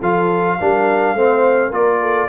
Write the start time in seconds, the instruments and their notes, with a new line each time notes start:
0.00 tuba F3, trombone F4, horn A4, trumpet F5
0.58 tuba G3, trombone D4, horn A#4
1.14 tuba A3, trombone C4, horn C5
1.68 tuba A#3, trombone F4, horn A#4, trumpet D5
2.01 horn A4